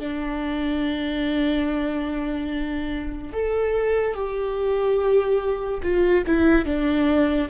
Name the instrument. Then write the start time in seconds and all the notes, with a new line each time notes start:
viola
0.00 D4
3.33 A4
4.14 G4
5.83 F4
6.27 E4
6.65 D4